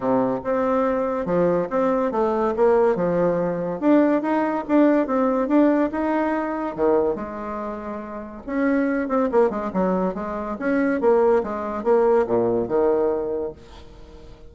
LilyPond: \new Staff \with { instrumentName = "bassoon" } { \time 4/4 \tempo 4 = 142 c4 c'2 f4 | c'4 a4 ais4 f4~ | f4 d'4 dis'4 d'4 | c'4 d'4 dis'2 |
dis4 gis2. | cis'4. c'8 ais8 gis8 fis4 | gis4 cis'4 ais4 gis4 | ais4 ais,4 dis2 | }